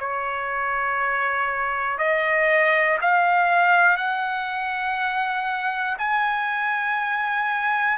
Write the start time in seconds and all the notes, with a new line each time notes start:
0.00 C#5
1.98 D#5
3.01 F5
3.97 F#5
5.99 G#5